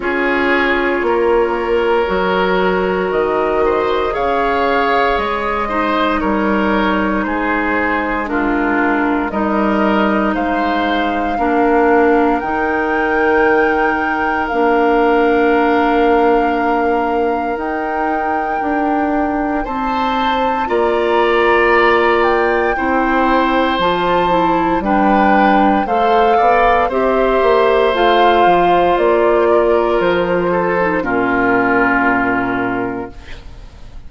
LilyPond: <<
  \new Staff \with { instrumentName = "flute" } { \time 4/4 \tempo 4 = 58 cis''2. dis''4 | f''4 dis''4 cis''4 c''4 | ais'4 dis''4 f''2 | g''2 f''2~ |
f''4 g''2 a''4 | ais''4. g''4. a''4 | g''4 f''4 e''4 f''4 | d''4 c''4 ais'2 | }
  \new Staff \with { instrumentName = "oboe" } { \time 4/4 gis'4 ais'2~ ais'8 c''8 | cis''4. c''8 ais'4 gis'4 | f'4 ais'4 c''4 ais'4~ | ais'1~ |
ais'2. c''4 | d''2 c''2 | b'4 c''8 d''8 c''2~ | c''8 ais'4 a'8 f'2 | }
  \new Staff \with { instrumentName = "clarinet" } { \time 4/4 f'2 fis'2 | gis'4. dis'2~ dis'8 | d'4 dis'2 d'4 | dis'2 d'2~ |
d'4 dis'2. | f'2 e'4 f'8 e'8 | d'4 a'4 g'4 f'4~ | f'4.~ f'16 dis'16 cis'2 | }
  \new Staff \with { instrumentName = "bassoon" } { \time 4/4 cis'4 ais4 fis4 dis4 | cis4 gis4 g4 gis4~ | gis4 g4 gis4 ais4 | dis2 ais2~ |
ais4 dis'4 d'4 c'4 | ais2 c'4 f4 | g4 a8 b8 c'8 ais8 a8 f8 | ais4 f4 ais,2 | }
>>